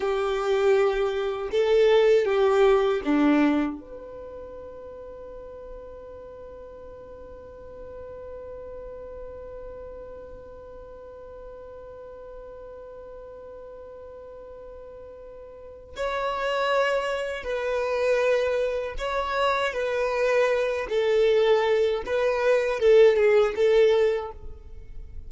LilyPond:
\new Staff \with { instrumentName = "violin" } { \time 4/4 \tempo 4 = 79 g'2 a'4 g'4 | d'4 b'2.~ | b'1~ | b'1~ |
b'1~ | b'4 cis''2 b'4~ | b'4 cis''4 b'4. a'8~ | a'4 b'4 a'8 gis'8 a'4 | }